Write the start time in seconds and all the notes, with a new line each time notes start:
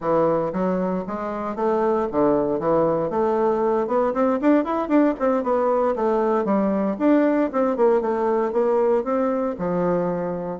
0.00 E3
0.52 F#3
1.07 G#3
1.55 A3
2.11 D3
2.59 E3
3.09 A3
3.87 B3
4.13 C4
4.41 D4
4.64 E4
4.88 D4
5.19 C4
5.43 B3
5.95 A3
6.44 G3
6.99 D4
7.52 C4
7.76 A#3
8.01 A3
8.52 A#3
9.04 C4
9.58 F3